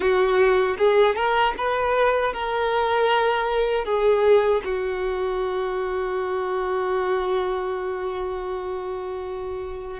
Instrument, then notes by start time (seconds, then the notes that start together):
violin
0.00 F#4
0.77 G#4
1.15 A#4
1.57 B4
2.33 A#4
3.85 G#4
4.64 F#4